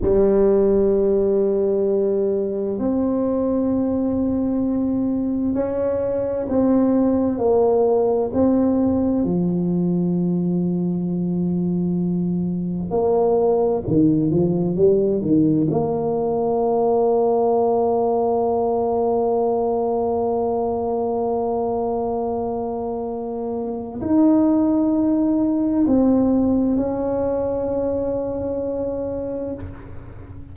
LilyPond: \new Staff \with { instrumentName = "tuba" } { \time 4/4 \tempo 4 = 65 g2. c'4~ | c'2 cis'4 c'4 | ais4 c'4 f2~ | f2 ais4 dis8 f8 |
g8 dis8 ais2.~ | ais1~ | ais2 dis'2 | c'4 cis'2. | }